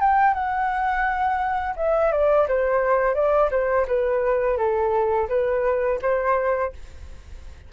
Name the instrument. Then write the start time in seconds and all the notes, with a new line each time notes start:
flute
0.00 G5
0.34 F#5
1.76 E5
2.12 D5
2.48 C5
3.14 D5
3.51 C5
3.88 B4
4.58 A4
5.29 B4
6.02 C5